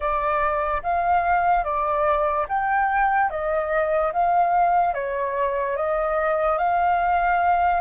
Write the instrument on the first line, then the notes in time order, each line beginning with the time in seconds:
flute
0.00 D5
0.83 F5
1.64 D5
2.48 G5
3.30 D#5
4.12 F5
4.94 C#5
5.76 D#5
6.58 F5